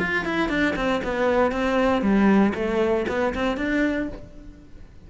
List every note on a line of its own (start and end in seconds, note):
0.00 0.25 F4
0.25 0.49 E4
0.49 0.75 D4
0.76 1.02 C4
1.04 1.52 B3
1.52 2.02 C4
2.02 2.54 G3
2.55 3.07 A3
3.09 3.34 B3
3.35 3.57 C4
3.57 4.09 D4